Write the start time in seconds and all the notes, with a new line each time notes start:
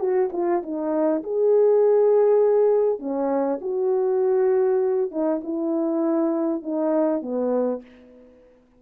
0.00 F#4
0.33 F4
0.63 D#4
1.24 G#4
2.99 C#4
3.62 F#4
5.12 D#4
5.44 E4
6.63 D#4
7.22 B3